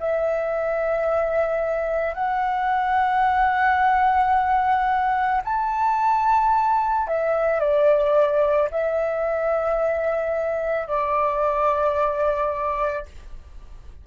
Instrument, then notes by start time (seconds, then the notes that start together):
flute
0.00 E5
2.14 F#5
5.44 A5
7.07 E5
7.60 D5
8.71 E5
10.87 D5